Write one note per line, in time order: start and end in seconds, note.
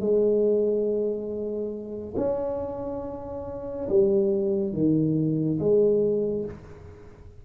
0.00 2.14 G#3
2.17 3.88 C#4
3.89 4.73 G3
4.73 5.59 D#3
5.59 6.45 G#3